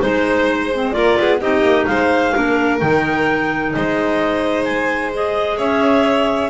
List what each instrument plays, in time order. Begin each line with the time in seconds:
0.00 double bass G#3, clarinet D#4 C5, violin C5
0.74 clarinet C4
0.92 double bass A#3, clarinet F4 D5, violin A#4
1.19 double bass B3, violin G#4
1.41 double bass C4, clarinet D#4 D#5, violin G4
1.62 double bass A#3
1.86 double bass G#3, violin C5, clarinet F5
2.34 double bass A#3, clarinet D4, violin A#4
2.79 double bass D#3, clarinet D#4 G5
3.73 double bass G#3, violin C5, clarinet D#5
4.64 clarinet G#5
5.14 clarinet G#4 D#5
5.57 double bass C#4, violin C#5, clarinet E5